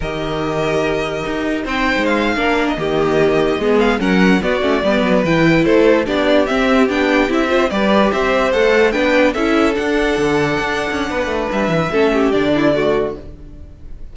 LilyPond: <<
  \new Staff \with { instrumentName = "violin" } { \time 4/4 \tempo 4 = 146 dis''1 | g''4 f''4. dis''4.~ | dis''4~ dis''16 f''8 fis''4 d''4~ d''16~ | d''8. g''4 c''4 d''4 e''16~ |
e''8. g''4 e''4 d''4 e''16~ | e''8. fis''4 g''4 e''4 fis''16~ | fis''1 | e''2 d''2 | }
  \new Staff \with { instrumentName = "violin" } { \time 4/4 ais'1 | c''4.~ c''16 ais'4 g'4~ g'16~ | g'8. gis'4 ais'4 fis'4 b'16~ | b'4.~ b'16 a'4 g'4~ g'16~ |
g'2~ g'16 c''8 b'4 c''16~ | c''4.~ c''16 b'4 a'4~ a'16~ | a'2. b'4~ | b'4 a'8 g'4 e'8 fis'4 | }
  \new Staff \with { instrumentName = "viola" } { \time 4/4 g'1 | dis'4.~ dis'16 d'4 ais4~ ais16~ | ais8. b4 cis'4 b8 cis'8 b16~ | b8. e'2 d'4 c'16~ |
c'8. d'4 e'8 f'8 g'4~ g'16~ | g'8. a'4 d'4 e'4 d'16~ | d'1~ | d'4 cis'4 d'4 a4 | }
  \new Staff \with { instrumentName = "cello" } { \time 4/4 dis2. dis'4 | c'8. gis4 ais4 dis4~ dis16~ | dis8. gis4 fis4 b8 a8 g16~ | g16 fis8 e4 a4 b4 c'16~ |
c'8. b4 c'4 g4 c'16~ | c'8. a4 b4 cis'4 d'16~ | d'8. d4 d'8. cis'8 b8 a8 | g8 e8 a4 d2 | }
>>